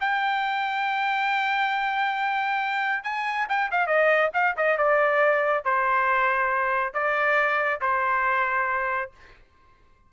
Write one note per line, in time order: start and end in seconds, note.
0.00 3.04 G5
3.04 3.47 G#5
3.49 3.71 G5
3.71 3.87 F5
3.87 4.30 D#5
4.34 4.56 F5
4.57 4.78 D#5
4.78 5.65 D5
5.65 6.93 C5
6.93 7.80 D5
7.81 9.11 C5